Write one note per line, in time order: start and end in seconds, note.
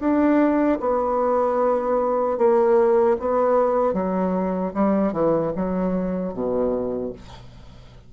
0.00 0.79 D4
0.80 2.38 B3
2.38 3.17 A#3
3.19 3.94 B3
3.94 4.73 F#3
4.74 5.13 G3
5.13 5.52 E3
5.56 6.34 F#3
6.34 7.13 B2